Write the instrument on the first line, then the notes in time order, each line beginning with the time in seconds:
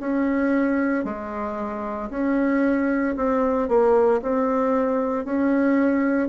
bassoon
0.00 C#4
1.04 G#3
2.11 C#4
3.16 C4
3.68 A#3
4.22 C4
5.25 C#4